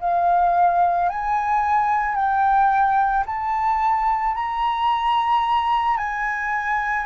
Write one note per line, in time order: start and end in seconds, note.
0.00 1.09 F5
1.09 2.15 G#5
2.15 3.24 G5
3.26 4.35 A5
4.35 5.97 A#5
5.97 7.06 G#5